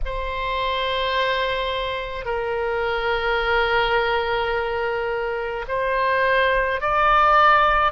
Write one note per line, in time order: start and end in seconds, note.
0.05 2.25 C5
2.25 5.64 A#4
5.68 6.80 C5
6.80 7.92 D5